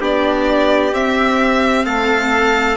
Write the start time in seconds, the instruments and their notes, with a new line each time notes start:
0.00 bassoon B3, viola D4, trumpet G4, violin D5
0.92 bassoon C4, viola C4, violin E5
1.85 bassoon A3, trumpet A4, violin F5